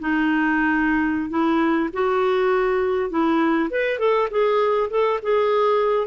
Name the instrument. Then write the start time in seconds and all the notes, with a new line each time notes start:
clarinet
0.00 D#4
1.30 E4
1.93 F#4
3.10 E4
3.70 B4
3.99 A4
4.31 G#4
4.90 A4
5.23 G#4